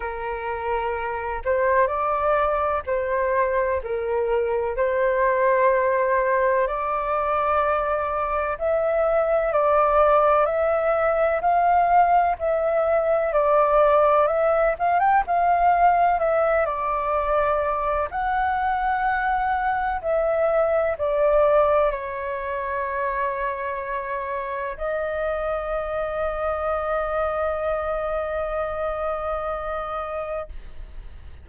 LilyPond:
\new Staff \with { instrumentName = "flute" } { \time 4/4 \tempo 4 = 63 ais'4. c''8 d''4 c''4 | ais'4 c''2 d''4~ | d''4 e''4 d''4 e''4 | f''4 e''4 d''4 e''8 f''16 g''16 |
f''4 e''8 d''4. fis''4~ | fis''4 e''4 d''4 cis''4~ | cis''2 dis''2~ | dis''1 | }